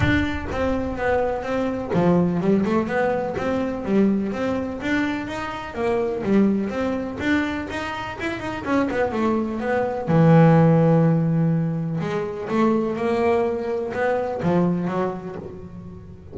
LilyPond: \new Staff \with { instrumentName = "double bass" } { \time 4/4 \tempo 4 = 125 d'4 c'4 b4 c'4 | f4 g8 a8 b4 c'4 | g4 c'4 d'4 dis'4 | ais4 g4 c'4 d'4 |
dis'4 e'8 dis'8 cis'8 b8 a4 | b4 e2.~ | e4 gis4 a4 ais4~ | ais4 b4 f4 fis4 | }